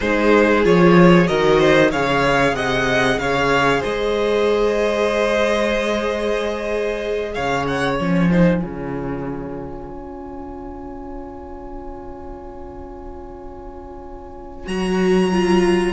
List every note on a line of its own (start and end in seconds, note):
0.00 0.65 G#3
0.00 0.63 D#4
0.00 1.27 G#4
0.00 0.64 C5
0.63 1.29 F3
0.63 1.26 F4
0.63 1.27 C#5
1.26 1.93 D#3
1.26 1.89 F#4
1.26 1.58 A#4
1.26 1.91 D#5
1.58 1.90 C5
1.90 2.53 C#3
1.90 7.98 G#4
1.90 2.54 C#5
1.90 2.55 F5
2.53 3.17 C3
2.53 3.19 D#5
2.53 3.18 F#5
3.18 3.81 C#3
3.18 3.80 C#5
3.18 3.82 F5
3.80 7.36 G#3
3.80 7.31 C5
3.80 7.33 D#5
7.33 8.00 C#3
7.33 8.30 C#5
7.33 7.65 F5
7.67 7.97 F#5
7.97 8.63 F3
7.97 8.30 C#4
7.97 14.67 G#5
8.30 8.61 D#4
8.30 8.61 C5
8.61 9.90 C#3
8.61 14.66 F4
8.61 15.93 C#5
9.90 14.67 C#4
14.66 15.93 F#3
14.66 15.30 F#4
14.66 15.93 A#5
15.32 15.93 F4